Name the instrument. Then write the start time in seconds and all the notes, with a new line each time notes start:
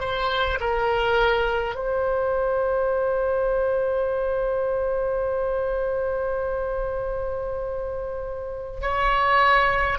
oboe
0.00 C5
0.60 A#4
1.75 C5
8.81 C#5